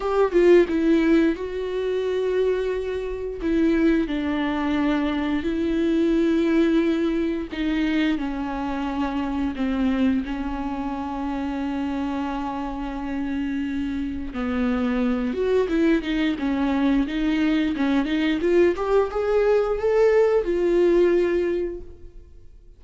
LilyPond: \new Staff \with { instrumentName = "viola" } { \time 4/4 \tempo 4 = 88 g'8 f'8 e'4 fis'2~ | fis'4 e'4 d'2 | e'2. dis'4 | cis'2 c'4 cis'4~ |
cis'1~ | cis'4 b4. fis'8 e'8 dis'8 | cis'4 dis'4 cis'8 dis'8 f'8 g'8 | gis'4 a'4 f'2 | }